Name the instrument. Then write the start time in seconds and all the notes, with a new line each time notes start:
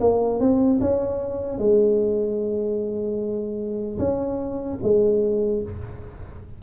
tuba
0.00 A#3
0.40 C4
0.80 C#4
1.58 G#3
3.99 C#4
4.83 G#3